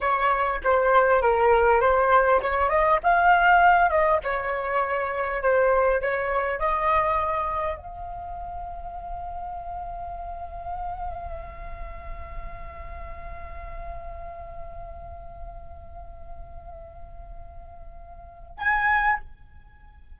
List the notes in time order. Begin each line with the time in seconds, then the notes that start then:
0.01 C#5
0.63 C5
1.21 A#4
1.81 C5
2.42 C#5
2.69 D#5
3.03 F5
3.90 D#5
4.23 C#5
5.42 C5
6.01 C#5
6.59 D#5
7.77 F5
18.57 G#5